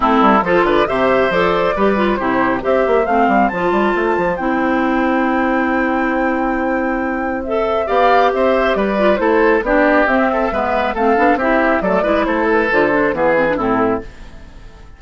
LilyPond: <<
  \new Staff \with { instrumentName = "flute" } { \time 4/4 \tempo 4 = 137 a'4 c''8 d''8 e''4 d''4~ | d''4 c''4 e''4 f''4 | a''2 g''2~ | g''1~ |
g''4 e''4 f''4 e''4 | d''4 c''4 d''4 e''4~ | e''4 f''4 e''4 d''4 | c''8 b'8 c''4 b'4 a'4 | }
  \new Staff \with { instrumentName = "oboe" } { \time 4/4 e'4 a'8 b'8 c''2 | b'4 g'4 c''2~ | c''1~ | c''1~ |
c''2 d''4 c''4 | b'4 a'4 g'4. a'8 | b'4 a'4 g'4 a'8 b'8 | a'2 gis'4 e'4 | }
  \new Staff \with { instrumentName = "clarinet" } { \time 4/4 c'4 f'4 g'4 a'4 | g'8 f'8 e'4 g'4 c'4 | f'2 e'2~ | e'1~ |
e'4 a'4 g'2~ | g'8 f'8 e'4 d'4 c'4 | b4 c'8 d'8 e'4 a8 e'8~ | e'4 f'8 d'8 b8 c'16 d'16 c'4 | }
  \new Staff \with { instrumentName = "bassoon" } { \time 4/4 a8 g8 f8 d8 c4 f4 | g4 c4 c'8 ais8 a8 g8 | f8 g8 a8 f8 c'2~ | c'1~ |
c'2 b4 c'4 | g4 a4 b4 c'4 | gis4 a8 b8 c'4 fis8 gis8 | a4 d4 e4 a,4 | }
>>